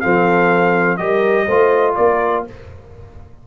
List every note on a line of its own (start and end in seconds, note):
0.00 0.99 F3
0.00 0.98 C4
0.00 0.99 A4
0.00 0.97 F5
0.97 1.47 G3
0.97 1.47 G4
0.97 1.45 A#4
0.97 1.94 D#5
1.45 1.96 A3
1.45 2.47 F4
1.45 1.94 C5
1.95 2.46 A#3
1.95 2.45 A#4
1.95 2.44 D5